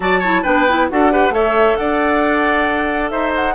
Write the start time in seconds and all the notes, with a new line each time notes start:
0.00 F#3 F#4 D5 A5
0.19 E4 C#5
0.42 B3 D4 B4 G5
0.68 E4
0.89 D4 F#4 A4 F#5
1.11 G4 B4
1.30 A3 A4 C#5 E5
1.76 D4 D5 F#5
3.09 D#4 C5 E5
3.35 F#5